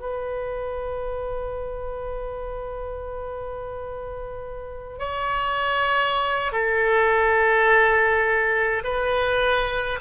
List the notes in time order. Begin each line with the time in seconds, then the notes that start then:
0.00 B4
4.99 C#5
6.52 A4
8.84 B4